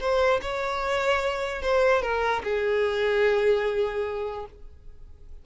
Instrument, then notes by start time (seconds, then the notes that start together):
violin
0.00 C5
0.42 C#5
1.62 C5
2.02 A#4
2.43 G#4